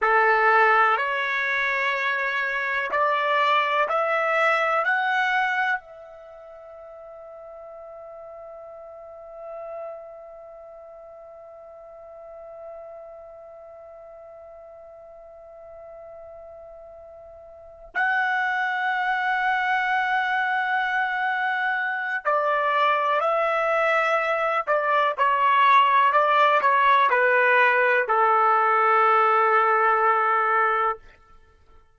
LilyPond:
\new Staff \with { instrumentName = "trumpet" } { \time 4/4 \tempo 4 = 62 a'4 cis''2 d''4 | e''4 fis''4 e''2~ | e''1~ | e''1~ |
e''2~ e''8 fis''4.~ | fis''2. d''4 | e''4. d''8 cis''4 d''8 cis''8 | b'4 a'2. | }